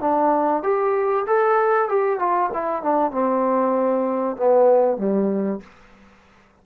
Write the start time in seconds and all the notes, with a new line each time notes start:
0.00 D4
0.63 G4
1.26 A4
1.88 G4
2.18 F4
2.53 E4
2.82 D4
3.11 C4
4.36 B3
4.97 G3